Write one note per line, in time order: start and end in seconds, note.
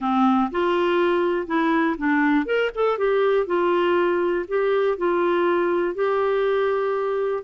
0.00 0.50 C4
0.51 1.46 F4
1.46 1.96 E4
1.97 2.45 D4
2.45 2.70 A#4
2.74 2.98 A4
2.98 3.46 G4
3.46 4.45 F4
4.48 4.97 G4
4.97 5.94 F4
5.94 7.43 G4